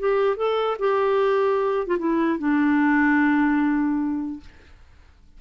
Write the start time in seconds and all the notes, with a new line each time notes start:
0.00 G4
0.37 A4
0.79 G4
1.87 F4
1.99 E4
2.39 D4